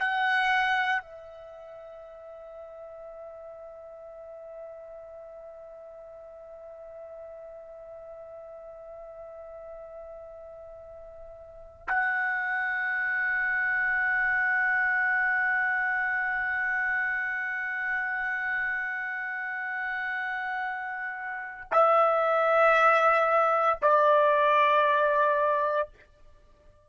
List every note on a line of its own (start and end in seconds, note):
0.00 1.02 F#5
1.02 11.88 E5
11.88 21.71 F#5
21.72 23.79 E5
23.82 25.89 D5